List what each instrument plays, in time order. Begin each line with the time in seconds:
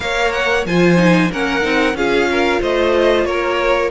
0.00 cello A#3, viola A#4, violin C#5 F5
0.32 violin F#5
0.65 cello F3, viola F4, violin C5 G#5
0.97 viola D#4
1.31 cello A#3, viola C#4, violin A#4 F#5
1.61 cello C4, viola D#4
1.93 cello C#4, viola F4, violin G#4 F5
2.31 violin A#4
2.61 cello A3, violin C5 D#5
3.24 cello A#3, violin A#4 C#5